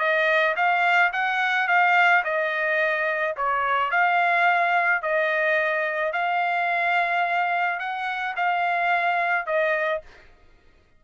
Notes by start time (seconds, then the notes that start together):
0.00 D#5
0.57 F5
1.13 F#5
1.68 F5
2.24 D#5
3.37 C#5
3.91 F5
5.03 D#5
6.13 F5
7.80 F#5
8.37 F5
9.46 D#5